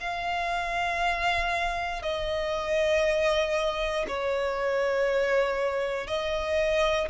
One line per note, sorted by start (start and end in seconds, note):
0.00 2.02 F5
2.02 4.05 D#5
4.07 6.06 C#5
6.06 7.08 D#5